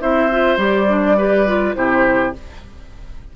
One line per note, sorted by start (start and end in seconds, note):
0.00 0.57 C4
0.00 0.29 E4
0.00 1.17 C5
0.00 0.58 E5
0.31 0.57 F4
0.57 1.73 G3
0.57 0.87 G4
0.57 1.75 D5
0.87 1.16 D4
1.17 1.46 G4
1.17 1.75 B4
1.46 1.75 F4
1.75 2.34 C3
1.75 2.33 E4
1.75 2.35 G4
1.75 2.33 C5